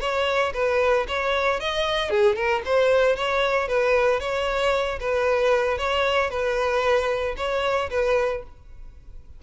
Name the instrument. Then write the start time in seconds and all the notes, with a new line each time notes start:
violin
0.00 C#5
0.53 B4
1.08 C#5
1.60 D#5
2.10 G#4
2.35 A#4
2.65 C5
3.16 C#5
3.68 B4
4.20 C#5
5.00 B4
5.78 C#5
6.30 B4
7.37 C#5
7.90 B4